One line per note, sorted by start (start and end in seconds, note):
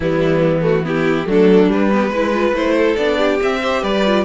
0.00 1.23 E3
0.00 0.61 G3
0.00 0.84 B3
0.00 0.63 E4
0.61 0.82 A3
0.61 0.85 F#4
0.83 1.25 B3
0.83 1.27 E4
0.83 1.29 G4
1.25 1.69 F#3
1.25 1.68 A3
1.25 1.91 D4
1.25 1.71 A4
1.68 1.89 G3
1.68 2.09 G3
1.68 2.55 B4
1.92 2.13 B3
1.92 2.10 G4
2.09 2.52 G#3
2.09 2.33 E4
2.09 2.74 B4
2.33 2.54 F4
2.53 2.95 A3
2.53 2.97 E4
2.53 2.95 C5
2.77 3.17 A4
2.95 3.39 B3
2.95 3.40 D4
2.95 3.38 D5
3.17 3.60 G4
3.41 3.62 C4
3.41 3.83 C4
3.41 3.83 E5
3.60 4.05 G4
3.60 3.82 C5
3.82 4.24 G3
3.82 4.24 B4
3.82 4.24 D5
4.05 4.24 F4